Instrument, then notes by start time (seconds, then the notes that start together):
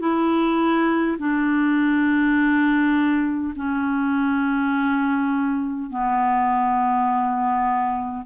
clarinet
0.00 E4
1.19 D4
3.56 C#4
5.90 B3